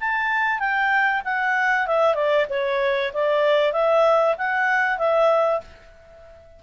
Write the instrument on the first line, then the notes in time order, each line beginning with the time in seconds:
clarinet
0.00 A5
0.59 G5
1.25 F#5
1.87 E5
2.14 D5
2.49 C#5
3.13 D5
3.73 E5
4.38 F#5
4.98 E5